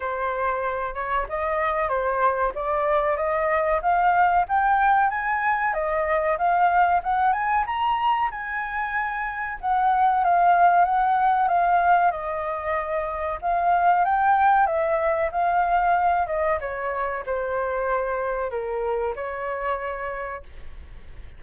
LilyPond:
\new Staff \with { instrumentName = "flute" } { \time 4/4 \tempo 4 = 94 c''4. cis''8 dis''4 c''4 | d''4 dis''4 f''4 g''4 | gis''4 dis''4 f''4 fis''8 gis''8 | ais''4 gis''2 fis''4 |
f''4 fis''4 f''4 dis''4~ | dis''4 f''4 g''4 e''4 | f''4. dis''8 cis''4 c''4~ | c''4 ais'4 cis''2 | }